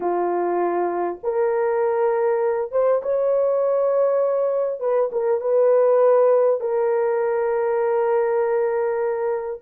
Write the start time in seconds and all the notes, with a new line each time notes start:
0.00 F4
1.23 A#4
2.71 C5
3.02 C#5
4.79 B4
5.12 A#4
5.40 B4
6.60 A#4